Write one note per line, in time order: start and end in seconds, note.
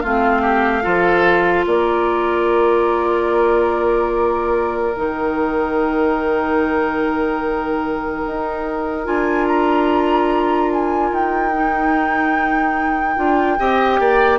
0.00 0.85 A3
0.00 0.82 C4
0.00 0.42 F4
0.00 1.64 F5
0.42 0.83 G4
0.82 1.66 F3
0.82 4.93 F4
0.82 1.65 A4
1.66 4.95 A#3
1.66 13.59 A#4
1.66 4.94 D5
4.94 8.25 D#3
4.94 9.04 D#4
4.94 9.05 G5
8.26 9.07 D#4
9.04 11.11 D4
9.04 11.51 F4
9.04 9.46 G#5
9.47 10.70 A#5
10.72 11.13 G#5
11.11 13.16 D#4
11.11 14.39 G5
11.53 13.16 D#4
13.16 13.58 D4
13.16 13.57 F4
13.58 13.99 C4
13.58 14.39 G4
13.58 14.00 D#5
13.99 14.39 A#3
13.99 14.39 D5